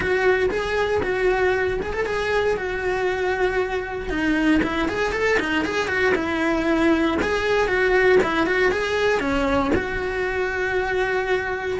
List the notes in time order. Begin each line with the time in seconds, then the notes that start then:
0.00 F#4
0.50 G#4
1.03 F#4
1.82 G#4
1.93 A4
2.05 G#4
2.56 F#4
4.09 D#4
4.62 E4
4.88 G#4
5.12 A4
5.39 D#4
5.64 G#4
5.88 F#4
6.14 E4
7.21 G#4
7.67 F#4
8.23 E4
8.46 F#4
8.71 G#4
9.20 C#4
9.75 F#4